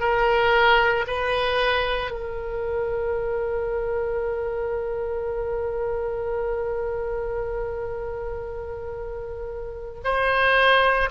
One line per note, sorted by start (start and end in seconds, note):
0.00 1.05 A#4
1.07 2.11 B4
2.11 10.00 A#4
10.04 11.10 C5